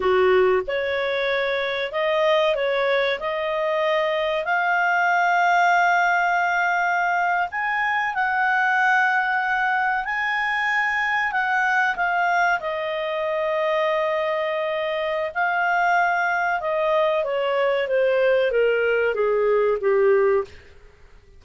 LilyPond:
\new Staff \with { instrumentName = "clarinet" } { \time 4/4 \tempo 4 = 94 fis'4 cis''2 dis''4 | cis''4 dis''2 f''4~ | f''2.~ f''8. gis''16~ | gis''8. fis''2. gis''16~ |
gis''4.~ gis''16 fis''4 f''4 dis''16~ | dis''1 | f''2 dis''4 cis''4 | c''4 ais'4 gis'4 g'4 | }